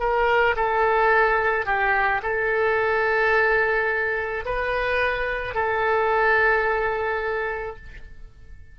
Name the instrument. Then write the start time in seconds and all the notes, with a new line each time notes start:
oboe
0.00 A#4
0.56 A4
1.66 G4
2.23 A4
4.45 B4
5.55 A4